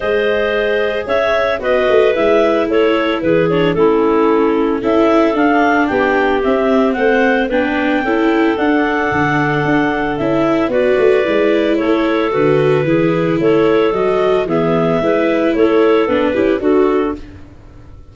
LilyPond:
<<
  \new Staff \with { instrumentName = "clarinet" } { \time 4/4 \tempo 4 = 112 dis''2 e''4 dis''4 | e''4 cis''4 b'8 cis''8 a'4~ | a'4 e''4 f''4 g''4 | e''4 fis''4 g''2 |
fis''2. e''4 | d''2 cis''4 b'4~ | b'4 cis''4 dis''4 e''4~ | e''4 cis''4 b'4 a'4 | }
  \new Staff \with { instrumentName = "clarinet" } { \time 4/4 c''2 cis''4 b'4~ | b'4 a'4 gis'4 e'4~ | e'4 a'2 g'4~ | g'4 c''4 b'4 a'4~ |
a'1 | b'2 a'2 | gis'4 a'2 gis'4 | b'4 a'4. g'8 fis'4 | }
  \new Staff \with { instrumentName = "viola" } { \time 4/4 gis'2. fis'4 | e'2~ e'8 d'8 cis'4~ | cis'4 e'4 d'2 | c'2 d'4 e'4 |
d'2. e'4 | fis'4 e'2 fis'4 | e'2 fis'4 b4 | e'2 d'8 e'8 fis'4 | }
  \new Staff \with { instrumentName = "tuba" } { \time 4/4 gis2 cis'4 b8 a8 | gis4 a4 e4 a4~ | a4 cis'4 d'4 b4 | c'4 a4 b4 cis'4 |
d'4 d4 d'4 cis'4 | b8 a8 gis4 a4 d4 | e4 a4 fis4 e4 | gis4 a4 b8 cis'8 d'4 | }
>>